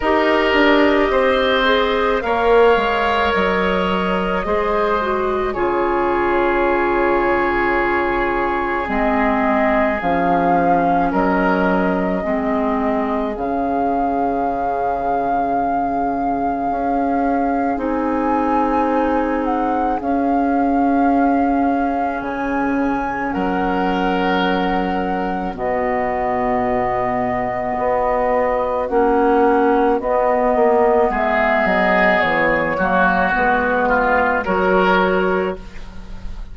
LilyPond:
<<
  \new Staff \with { instrumentName = "flute" } { \time 4/4 \tempo 4 = 54 dis''2 f''4 dis''4~ | dis''4 cis''2. | dis''4 f''4 dis''2 | f''1 |
gis''4. fis''8 f''2 | gis''4 fis''2 dis''4~ | dis''2 fis''4 dis''4 | e''8 dis''8 cis''4 b'4 cis''4 | }
  \new Staff \with { instrumentName = "oboe" } { \time 4/4 ais'4 c''4 cis''2 | c''4 gis'2.~ | gis'2 ais'4 gis'4~ | gis'1~ |
gis'1~ | gis'4 ais'2 fis'4~ | fis'1 | gis'4. fis'4 f'8 ais'4 | }
  \new Staff \with { instrumentName = "clarinet" } { \time 4/4 g'4. gis'8 ais'2 | gis'8 fis'8 f'2. | c'4 cis'2 c'4 | cis'1 |
dis'2 cis'2~ | cis'2. b4~ | b2 cis'4 b4~ | b4. ais8 b4 fis'4 | }
  \new Staff \with { instrumentName = "bassoon" } { \time 4/4 dis'8 d'8 c'4 ais8 gis8 fis4 | gis4 cis2. | gis4 f4 fis4 gis4 | cis2. cis'4 |
c'2 cis'2 | cis4 fis2 b,4~ | b,4 b4 ais4 b8 ais8 | gis8 fis8 e8 fis8 gis4 fis4 | }
>>